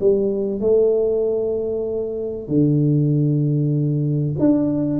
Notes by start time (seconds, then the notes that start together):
0.00 G3
0.60 A3
2.48 D3
4.39 D4